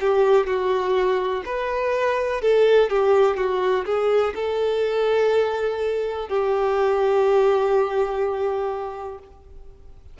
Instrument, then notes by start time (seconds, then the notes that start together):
violin
0.00 G4
0.47 F#4
1.45 B4
2.41 A4
2.90 G4
3.37 F#4
3.85 G#4
4.35 A4
6.28 G4